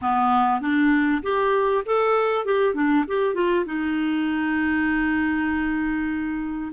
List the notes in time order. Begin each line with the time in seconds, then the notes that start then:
0.01 B3
0.60 D4
1.22 G4
1.85 A4
2.45 G4
2.74 D4
3.07 G4
3.34 F4
3.65 D#4